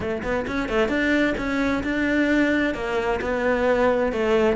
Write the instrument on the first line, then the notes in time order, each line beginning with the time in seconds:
cello
0.00 A3
0.22 B3
0.47 C#4
0.68 A3
0.88 D4
1.37 C#4
1.83 D4
2.74 A#3
3.21 B3
4.12 A3